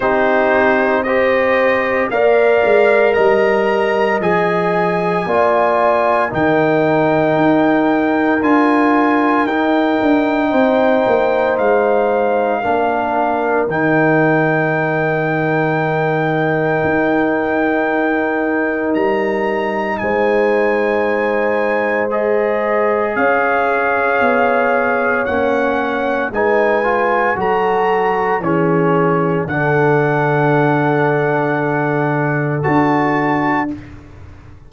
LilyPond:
<<
  \new Staff \with { instrumentName = "trumpet" } { \time 4/4 \tempo 4 = 57 c''4 dis''4 f''4 ais''4 | gis''2 g''2 | gis''4 g''2 f''4~ | f''4 g''2.~ |
g''2 ais''4 gis''4~ | gis''4 dis''4 f''2 | fis''4 gis''4 ais''4 cis''4 | fis''2. a''4 | }
  \new Staff \with { instrumentName = "horn" } { \time 4/4 g'4 c''4 d''4 dis''4~ | dis''4 d''4 ais'2~ | ais'2 c''2 | ais'1~ |
ais'2. c''4~ | c''2 cis''2~ | cis''4 b'4 a'4 gis'4 | a'1 | }
  \new Staff \with { instrumentName = "trombone" } { \time 4/4 dis'4 g'4 ais'2 | gis'4 f'4 dis'2 | f'4 dis'2. | d'4 dis'2.~ |
dis'1~ | dis'4 gis'2. | cis'4 dis'8 f'8 fis'4 cis'4 | d'2. fis'4 | }
  \new Staff \with { instrumentName = "tuba" } { \time 4/4 c'2 ais8 gis8 g4 | f4 ais4 dis4 dis'4 | d'4 dis'8 d'8 c'8 ais8 gis4 | ais4 dis2. |
dis'2 g4 gis4~ | gis2 cis'4 b4 | ais4 gis4 fis4 e4 | d2. d'4 | }
>>